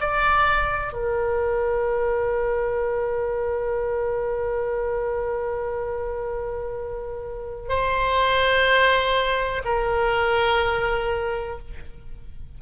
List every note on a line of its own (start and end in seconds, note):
0.00 0.92 D5
0.92 7.69 A#4
7.69 9.62 C5
9.65 11.58 A#4